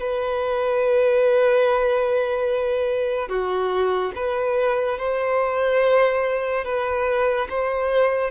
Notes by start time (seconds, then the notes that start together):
0.00 B4
3.29 F#4
4.16 B4
4.98 C5
6.65 B4
7.50 C5